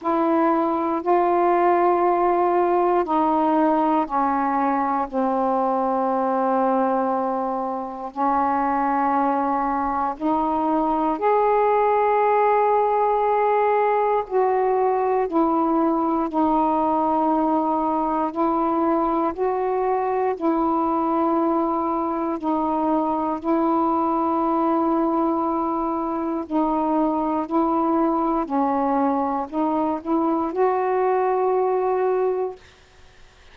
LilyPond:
\new Staff \with { instrumentName = "saxophone" } { \time 4/4 \tempo 4 = 59 e'4 f'2 dis'4 | cis'4 c'2. | cis'2 dis'4 gis'4~ | gis'2 fis'4 e'4 |
dis'2 e'4 fis'4 | e'2 dis'4 e'4~ | e'2 dis'4 e'4 | cis'4 dis'8 e'8 fis'2 | }